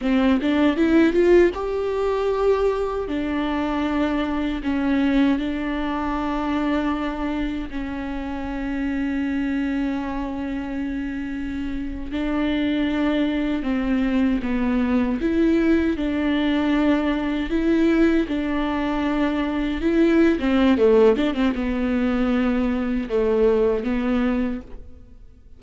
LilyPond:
\new Staff \with { instrumentName = "viola" } { \time 4/4 \tempo 4 = 78 c'8 d'8 e'8 f'8 g'2 | d'2 cis'4 d'4~ | d'2 cis'2~ | cis'2.~ cis'8. d'16~ |
d'4.~ d'16 c'4 b4 e'16~ | e'8. d'2 e'4 d'16~ | d'4.~ d'16 e'8. c'8 a8 d'16 c'16 | b2 a4 b4 | }